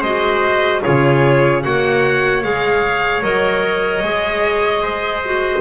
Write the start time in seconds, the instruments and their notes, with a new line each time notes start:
0.00 double bass G#3, clarinet F#4, trumpet C5, violin D#5
0.82 double bass C#3, clarinet F4, trumpet G#4, violin C#5
1.62 double bass A#3, clarinet F#4, trumpet C#5, violin F#5
2.43 double bass G#3, clarinet G#4, violin F5
3.22 double bass F#3, clarinet A#4, violin D#5
4.02 double bass G#3, clarinet G#4
4.82 trumpet C5
5.24 clarinet F#4